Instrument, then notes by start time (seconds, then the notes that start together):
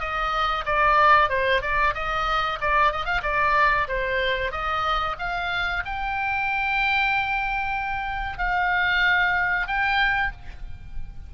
oboe
0.00 D#5
0.66 D5
1.30 C5
1.62 D5
1.94 D#5
2.61 D5
2.92 D#5
3.06 F5
3.23 D5
3.88 C5
4.52 D#5
5.19 F5
5.86 G5
8.38 F5
9.67 G5